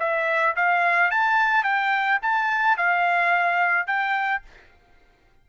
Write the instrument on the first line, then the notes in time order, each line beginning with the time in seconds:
trumpet
0.00 E5
0.56 F5
1.11 A5
1.64 G5
2.22 A5
2.78 F5
3.87 G5